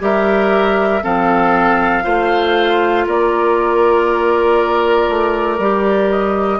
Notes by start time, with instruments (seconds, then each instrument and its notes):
0.00 bassoon G3, clarinet G4, oboe A#4, flute E5
1.03 bassoon F3, clarinet C4, oboe A4, flute F5
2.03 bassoon A3, clarinet F4, oboe C5
3.07 bassoon A#3, oboe A#4, flute D5
5.09 bassoon A3
5.59 bassoon G3, clarinet G4
6.11 flute D#5